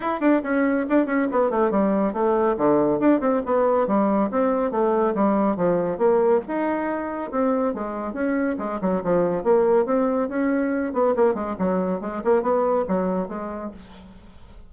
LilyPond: \new Staff \with { instrumentName = "bassoon" } { \time 4/4 \tempo 4 = 140 e'8 d'8 cis'4 d'8 cis'8 b8 a8 | g4 a4 d4 d'8 c'8 | b4 g4 c'4 a4 | g4 f4 ais4 dis'4~ |
dis'4 c'4 gis4 cis'4 | gis8 fis8 f4 ais4 c'4 | cis'4. b8 ais8 gis8 fis4 | gis8 ais8 b4 fis4 gis4 | }